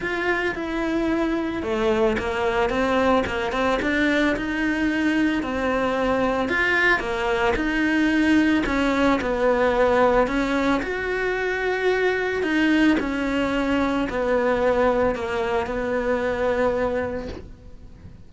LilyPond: \new Staff \with { instrumentName = "cello" } { \time 4/4 \tempo 4 = 111 f'4 e'2 a4 | ais4 c'4 ais8 c'8 d'4 | dis'2 c'2 | f'4 ais4 dis'2 |
cis'4 b2 cis'4 | fis'2. dis'4 | cis'2 b2 | ais4 b2. | }